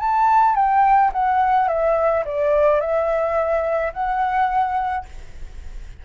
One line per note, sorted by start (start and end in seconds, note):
0.00 0.55 A5
0.55 1.11 G5
1.13 1.68 F#5
1.68 2.25 E5
2.26 2.81 D5
2.81 3.93 E5
3.94 5.06 F#5